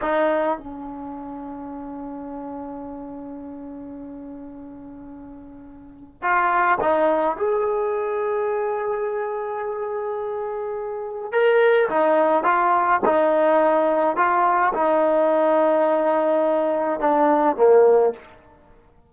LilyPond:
\new Staff \with { instrumentName = "trombone" } { \time 4/4 \tempo 4 = 106 dis'4 cis'2.~ | cis'1~ | cis'2. f'4 | dis'4 gis'2.~ |
gis'1 | ais'4 dis'4 f'4 dis'4~ | dis'4 f'4 dis'2~ | dis'2 d'4 ais4 | }